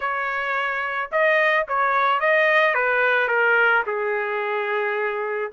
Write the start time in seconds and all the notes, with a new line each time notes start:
0.00 C#5
1.11 D#5
1.68 C#5
2.20 D#5
2.74 B4
3.28 A#4
3.86 G#4